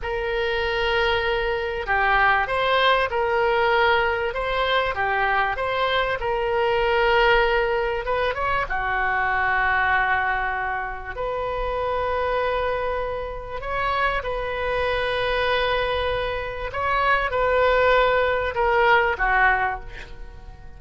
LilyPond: \new Staff \with { instrumentName = "oboe" } { \time 4/4 \tempo 4 = 97 ais'2. g'4 | c''4 ais'2 c''4 | g'4 c''4 ais'2~ | ais'4 b'8 cis''8 fis'2~ |
fis'2 b'2~ | b'2 cis''4 b'4~ | b'2. cis''4 | b'2 ais'4 fis'4 | }